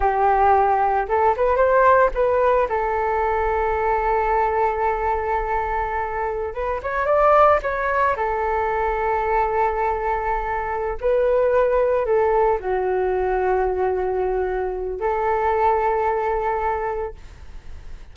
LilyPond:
\new Staff \with { instrumentName = "flute" } { \time 4/4 \tempo 4 = 112 g'2 a'8 b'8 c''4 | b'4 a'2.~ | a'1~ | a'16 b'8 cis''8 d''4 cis''4 a'8.~ |
a'1~ | a'8 b'2 a'4 fis'8~ | fis'1 | a'1 | }